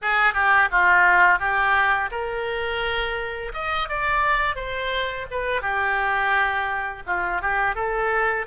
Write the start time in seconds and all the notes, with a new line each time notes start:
0.02 G#4
0.33 G4
0.71 F4
1.39 G4
2.11 A#4
3.53 D#5
3.88 D5
4.55 C5
5.30 B4
5.61 G4
7.06 F4
7.41 G4
7.75 A4